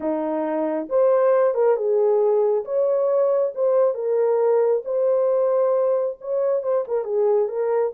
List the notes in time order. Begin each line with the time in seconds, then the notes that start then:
0.00 D#4
0.89 C5
1.54 A#4
1.76 G#4
2.65 C#5
3.54 C5
3.94 A#4
4.84 C5
6.20 C#5
6.62 C5
6.87 A#4
7.04 G#4
7.48 A#4